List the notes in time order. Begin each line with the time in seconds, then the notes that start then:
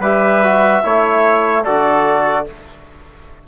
0.00 G3 G4 B4 E5
0.43 F#4
0.83 A3 E4 C#5
1.64 D3 F#4 A4 D5